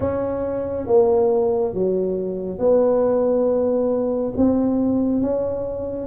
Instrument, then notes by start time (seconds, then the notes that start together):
tuba
0.00 C#4
0.87 A#3
1.74 F#3
2.58 B3
4.37 C4
5.21 C#4